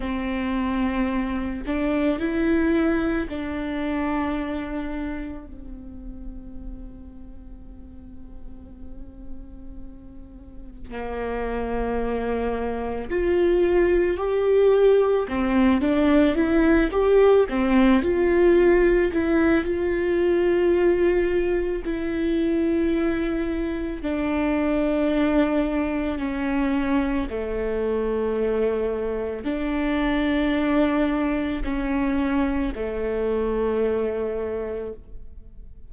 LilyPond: \new Staff \with { instrumentName = "viola" } { \time 4/4 \tempo 4 = 55 c'4. d'8 e'4 d'4~ | d'4 c'2.~ | c'2 ais2 | f'4 g'4 c'8 d'8 e'8 g'8 |
c'8 f'4 e'8 f'2 | e'2 d'2 | cis'4 a2 d'4~ | d'4 cis'4 a2 | }